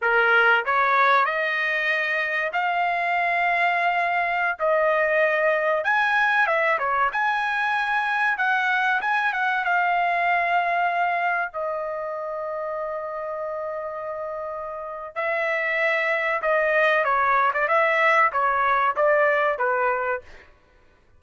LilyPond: \new Staff \with { instrumentName = "trumpet" } { \time 4/4 \tempo 4 = 95 ais'4 cis''4 dis''2 | f''2.~ f''16 dis''8.~ | dis''4~ dis''16 gis''4 e''8 cis''8 gis''8.~ | gis''4~ gis''16 fis''4 gis''8 fis''8 f''8.~ |
f''2~ f''16 dis''4.~ dis''16~ | dis''1 | e''2 dis''4 cis''8. d''16 | e''4 cis''4 d''4 b'4 | }